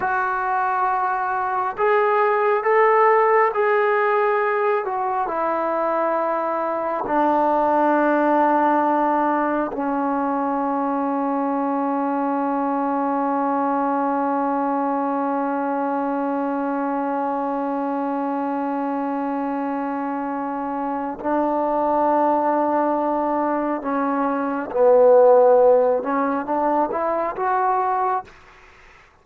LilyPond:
\new Staff \with { instrumentName = "trombone" } { \time 4/4 \tempo 4 = 68 fis'2 gis'4 a'4 | gis'4. fis'8 e'2 | d'2. cis'4~ | cis'1~ |
cis'1~ | cis'1 | d'2. cis'4 | b4. cis'8 d'8 e'8 fis'4 | }